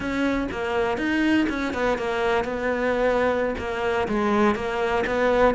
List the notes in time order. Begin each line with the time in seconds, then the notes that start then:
0.00 C#4
0.51 A#3
0.97 D#4
1.49 C#4
1.73 B3
1.98 A#3
2.44 B3
3.58 A#3
4.08 G#3
4.55 A#3
5.06 B3